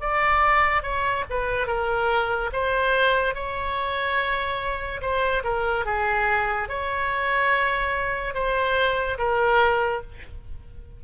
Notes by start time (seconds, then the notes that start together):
0.00 D5
0.82 C#5
1.30 B4
1.67 A#4
2.52 C5
3.34 C#5
5.01 C5
5.44 A#4
5.85 G#4
6.69 C#5
8.34 C5
9.18 A#4